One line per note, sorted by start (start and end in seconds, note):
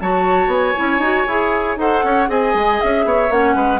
0.00 0.47 F#3
0.00 0.75 F#4
0.00 1.79 C#5
0.00 0.51 A5
0.47 0.72 B3
0.47 1.78 G#5
0.75 0.98 C#4
0.75 1.01 E4
0.98 1.24 D#4
0.98 1.27 F#4
1.27 1.77 E4
1.27 1.77 G#4
1.77 2.02 D#4
1.77 2.27 A4
1.77 2.04 C5
1.77 2.29 F#5
2.03 2.28 C#4
2.03 2.29 C#5
2.27 2.54 C4
2.27 3.29 G#4
2.27 3.05 D#5
2.27 2.81 G#5
2.54 2.79 G#3
2.81 3.04 C#4
2.81 3.31 E5
3.04 3.29 B3
3.04 3.55 C#5
3.29 3.55 A#3
3.29 3.80 C#4
3.29 3.80 F#5
3.55 3.80 G#3
3.55 3.80 B4